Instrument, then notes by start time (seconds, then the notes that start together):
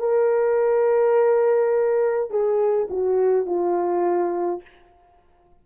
horn
0.00 A#4
2.31 G#4
2.90 F#4
3.47 F4